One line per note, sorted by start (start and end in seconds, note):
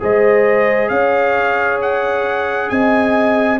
0.00 0.90 G#3
0.00 3.58 G#4
0.00 0.90 C5
0.00 0.89 D#5
0.89 2.69 C#4
0.89 2.70 C#5
0.89 1.79 F5
1.82 2.70 F#5
2.70 3.60 C4
2.70 3.60 D#5
2.70 3.59 G#5